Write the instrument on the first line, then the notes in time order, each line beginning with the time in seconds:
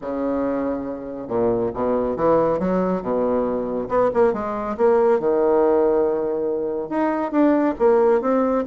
bassoon
0.01 C#3
1.28 A#2
1.74 B2
2.16 E3
2.59 F#3
3.02 B2
3.88 B3
4.13 A#3
4.33 G#3
4.77 A#3
5.19 D#3
6.89 D#4
7.31 D4
7.78 A#3
8.21 C4